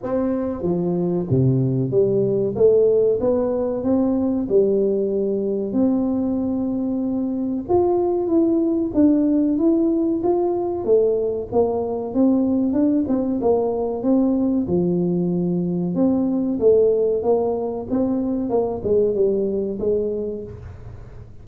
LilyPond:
\new Staff \with { instrumentName = "tuba" } { \time 4/4 \tempo 4 = 94 c'4 f4 c4 g4 | a4 b4 c'4 g4~ | g4 c'2. | f'4 e'4 d'4 e'4 |
f'4 a4 ais4 c'4 | d'8 c'8 ais4 c'4 f4~ | f4 c'4 a4 ais4 | c'4 ais8 gis8 g4 gis4 | }